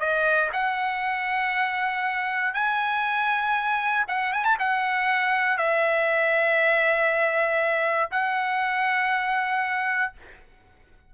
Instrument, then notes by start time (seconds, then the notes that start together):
trumpet
0.00 D#5
0.53 F#5
2.55 G#5
4.08 F#5
4.33 G#5
4.45 A5
4.60 F#5
5.58 E5
8.12 F#5